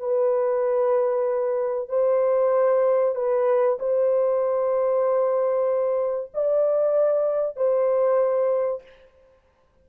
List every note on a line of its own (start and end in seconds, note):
0.00 1.89 B4
1.89 3.16 C5
3.16 3.79 B4
3.80 6.32 C5
6.34 7.57 D5
7.57 8.83 C5